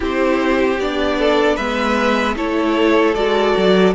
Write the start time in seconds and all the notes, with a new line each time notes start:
0.00 C4 E4 G4 C5
0.78 B3 D4 D5
1.18 A4
1.56 G#3 B3 B4 E5
2.36 A3 E4 A4 C#5
3.14 G#3 F#4 D5
3.56 F#3